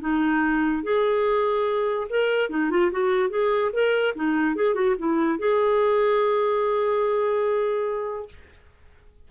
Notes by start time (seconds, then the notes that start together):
0.00 D#4
0.83 G#4
2.09 A#4
2.49 D#4
2.70 F4
2.91 F#4
3.29 G#4
3.72 A#4
4.15 D#4
4.55 G#4
4.74 F#4
4.98 E4
5.38 G#4